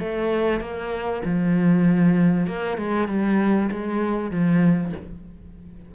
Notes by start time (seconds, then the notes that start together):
0.00 A3
0.61 A#3
1.25 F3
2.47 A#3
2.78 G#3
3.08 G3
3.72 G#3
4.31 F3